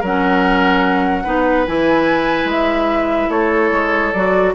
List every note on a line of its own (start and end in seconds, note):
0.00 1.26 F#3
0.00 1.25 C#4
0.00 1.23 A#4
0.00 1.67 F#5
1.24 1.67 B3
1.24 1.66 D#4
1.24 3.29 B4
1.67 2.45 E3
1.67 4.13 E4
1.67 2.49 G#5
2.45 3.27 G#3
2.45 3.31 E5
3.30 3.71 A3
3.30 4.53 A4
3.30 4.12 C#5
3.72 4.13 G#3
4.12 4.55 F#3
4.12 4.55 F#4
4.12 4.53 D5